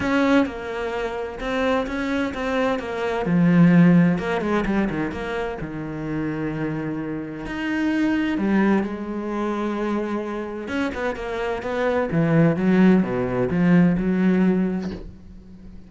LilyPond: \new Staff \with { instrumentName = "cello" } { \time 4/4 \tempo 4 = 129 cis'4 ais2 c'4 | cis'4 c'4 ais4 f4~ | f4 ais8 gis8 g8 dis8 ais4 | dis1 |
dis'2 g4 gis4~ | gis2. cis'8 b8 | ais4 b4 e4 fis4 | b,4 f4 fis2 | }